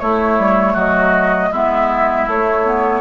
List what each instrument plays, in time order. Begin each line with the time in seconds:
0.00 clarinet A3, bassoon A3, oboe E4, flute C#5
0.39 bassoon G3
0.74 bassoon F#3, oboe F#4, flute D#5
1.52 bassoon G#3, clarinet B3, oboe E4, flute E5
2.28 bassoon A3, clarinet A3, flute C#5
2.65 clarinet B3